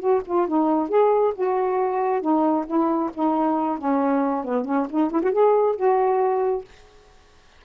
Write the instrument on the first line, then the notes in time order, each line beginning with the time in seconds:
saxophone
0.00 F#4
0.26 F4
0.48 D#4
0.89 G#4
1.35 F#4
2.21 D#4
2.67 E4
3.14 D#4
3.78 C#4
4.45 B3
4.65 C#4
4.90 D#4
5.11 E4
5.23 F#4
5.32 G#4
5.76 F#4